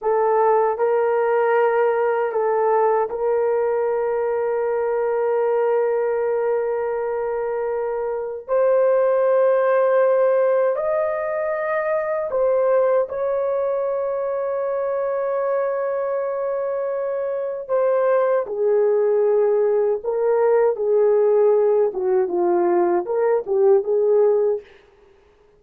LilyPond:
\new Staff \with { instrumentName = "horn" } { \time 4/4 \tempo 4 = 78 a'4 ais'2 a'4 | ais'1~ | ais'2. c''4~ | c''2 dis''2 |
c''4 cis''2.~ | cis''2. c''4 | gis'2 ais'4 gis'4~ | gis'8 fis'8 f'4 ais'8 g'8 gis'4 | }